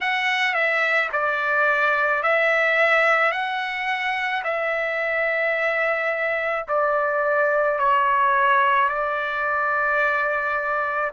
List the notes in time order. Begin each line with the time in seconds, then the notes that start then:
0.01 F#5
0.54 E5
1.12 D5
2.22 E5
3.31 F#5
4.43 E5
6.68 D5
7.78 C#5
8.88 D5